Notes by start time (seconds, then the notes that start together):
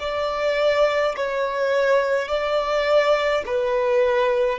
0.00 D5
1.16 C#5
2.29 D5
3.46 B4